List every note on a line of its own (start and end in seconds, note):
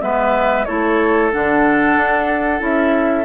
0.00 0.66 G#3
0.00 0.65 B3
0.00 0.67 B4
0.00 0.65 E5
0.65 1.33 A3
0.65 1.31 E4
0.65 3.25 A4
0.65 1.30 C#5
1.31 1.96 D3
1.31 2.59 D4
1.31 2.62 F#5
1.96 2.61 D4
2.59 3.25 C#4
2.59 3.24 E4
2.59 3.25 E5